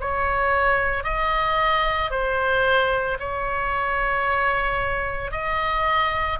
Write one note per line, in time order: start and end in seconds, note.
0.00 1.04 C#5
1.04 2.10 D#5
2.10 3.18 C5
3.19 5.31 C#5
5.31 6.38 D#5